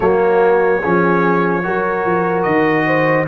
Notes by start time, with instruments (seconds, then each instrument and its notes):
0.00 tuba F#3, trombone A#3, horn F#4, trumpet C#5
0.78 trombone C#4, horn G#4
0.85 tuba F3
1.63 tuba F#3, trombone F#4, horn A#4
2.05 tuba F3
2.42 tuba D#3, trumpet D#5
2.85 horn C5